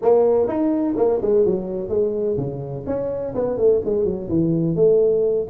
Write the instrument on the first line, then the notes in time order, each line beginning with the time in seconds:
tuba
0.02 A#3
0.47 D#4
0.96 A#3
1.21 G#3
1.45 F#3
1.89 G#3
2.37 C#3
2.86 C#4
3.34 B3
3.57 A3
3.84 G#3
4.04 F#3
4.29 E3
4.75 A3